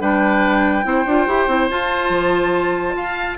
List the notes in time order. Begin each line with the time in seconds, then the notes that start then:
0.00 G3 D4 B4 G5
0.84 C4 E4 C5
1.06 D4 F4
1.27 E4 G4
1.48 C4 E4
1.70 F4 A5
2.10 F3
2.95 F4 F5